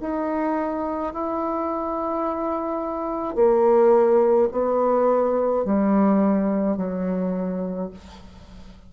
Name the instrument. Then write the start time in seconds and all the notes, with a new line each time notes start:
bassoon
0.00 D#4
1.13 E4
3.35 A#3
4.51 B3
5.64 G3
6.77 F#3